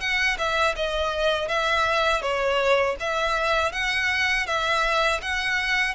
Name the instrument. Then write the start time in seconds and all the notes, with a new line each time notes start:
violin
0.00 F#5
0.38 E5
0.76 D#5
1.48 E5
2.22 C#5
3.00 E5
3.72 F#5
4.46 E5
5.22 F#5